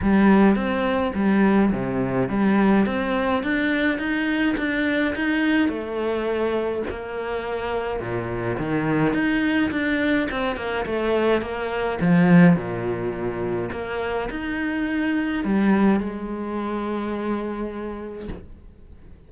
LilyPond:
\new Staff \with { instrumentName = "cello" } { \time 4/4 \tempo 4 = 105 g4 c'4 g4 c4 | g4 c'4 d'4 dis'4 | d'4 dis'4 a2 | ais2 ais,4 dis4 |
dis'4 d'4 c'8 ais8 a4 | ais4 f4 ais,2 | ais4 dis'2 g4 | gis1 | }